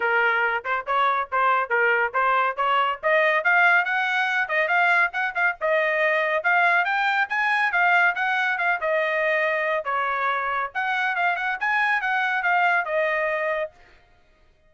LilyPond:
\new Staff \with { instrumentName = "trumpet" } { \time 4/4 \tempo 4 = 140 ais'4. c''8 cis''4 c''4 | ais'4 c''4 cis''4 dis''4 | f''4 fis''4. dis''8 f''4 | fis''8 f''8 dis''2 f''4 |
g''4 gis''4 f''4 fis''4 | f''8 dis''2~ dis''8 cis''4~ | cis''4 fis''4 f''8 fis''8 gis''4 | fis''4 f''4 dis''2 | }